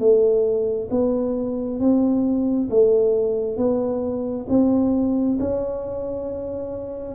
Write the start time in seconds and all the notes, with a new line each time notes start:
0.00 A3
0.91 B3
1.80 C4
2.70 A3
3.57 B3
4.49 C4
5.40 C#4